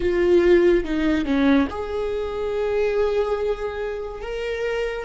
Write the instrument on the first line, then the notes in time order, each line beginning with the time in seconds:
viola
0.00 F4
0.84 D#4
1.25 C#4
1.69 G#4
4.21 A#4